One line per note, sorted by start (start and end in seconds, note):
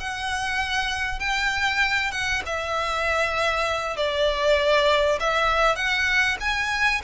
0.00 1.20 F#5
1.20 2.12 G5
2.12 2.42 F#5
2.46 3.97 E5
3.97 5.19 D5
5.20 5.76 E5
5.76 6.37 F#5
6.40 7.02 G#5